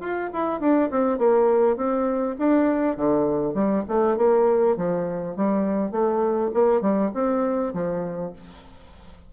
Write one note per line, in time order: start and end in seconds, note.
0.00 0.30 F4
0.33 0.60 E4
0.60 0.90 D4
0.90 1.18 C4
1.18 1.76 A#3
1.76 2.36 C4
2.38 2.96 D4
2.96 3.54 D3
3.54 3.84 G3
3.88 4.17 A3
4.17 4.76 A#3
4.77 5.36 F3
5.36 5.91 G3
5.91 6.51 A3
6.53 6.81 A#3
6.81 7.11 G3
7.14 7.73 C4
7.73 8.32 F3